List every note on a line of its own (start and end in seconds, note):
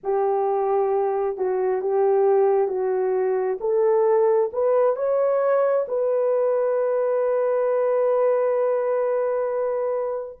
0.03 1.37 G4
1.37 1.81 F#4
1.81 2.67 G4
2.67 3.58 F#4
3.60 4.50 A4
4.52 4.95 B4
4.95 5.86 C#5
5.88 10.39 B4